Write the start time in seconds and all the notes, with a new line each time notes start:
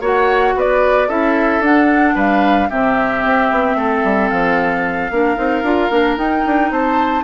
0.00 A#3 F#4 C#5 F#5
0.55 B3 B4 D5
1.08 C#4 E4 A4 E5
1.59 D4 F#5
2.15 G3 B4 F5
2.69 C3 C4 G4 E5
3.24 C4
3.50 B3
3.75 A3 A4
4.03 G3
4.29 F3 F5
5.10 A#3 D4 A#4
5.35 C4 D#4
5.62 D4 F4
5.90 A#3 D4
6.17 D#4 G5
6.46 D4
6.71 C4 C5 A5